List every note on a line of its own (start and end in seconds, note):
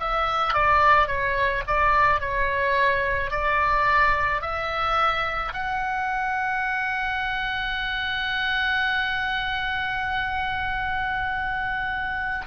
0.00 0.54 E5
0.54 1.07 D5
1.07 1.63 C#5
1.67 2.20 D5
2.20 3.31 C#5
3.31 4.41 D5
4.41 5.53 E5
5.53 12.46 F#5